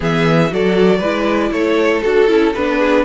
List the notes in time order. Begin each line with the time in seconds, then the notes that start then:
0.00 E3 B3 G#4 E5
0.49 F#3 F#4 A4 D5
0.98 G#3 E4 B4
1.51 A3 A4 C#5
2.01 D4 F#4 A4
2.27 C#4 E4
2.53 B3 D4 B4
2.78 G#4